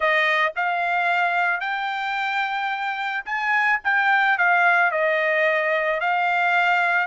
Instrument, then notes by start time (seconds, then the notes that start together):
trumpet
0.00 D#5
0.56 F5
1.60 G5
3.25 G#5
3.84 G5
4.38 F5
4.91 D#5
6.00 F5